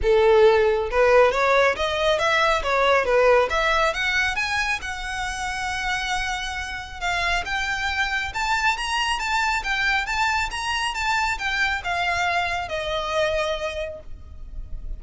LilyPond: \new Staff \with { instrumentName = "violin" } { \time 4/4 \tempo 4 = 137 a'2 b'4 cis''4 | dis''4 e''4 cis''4 b'4 | e''4 fis''4 gis''4 fis''4~ | fis''1 |
f''4 g''2 a''4 | ais''4 a''4 g''4 a''4 | ais''4 a''4 g''4 f''4~ | f''4 dis''2. | }